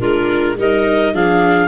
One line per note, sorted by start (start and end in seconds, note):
0.00 0.57 G#3
0.00 0.57 D4
0.00 0.57 F4
0.00 0.57 A#4
0.57 1.14 G3
0.57 1.15 D#4
0.57 1.14 A#4
0.57 1.15 D#5
1.14 1.68 F3
1.14 1.68 D4
1.14 1.68 G#4
1.14 1.68 F5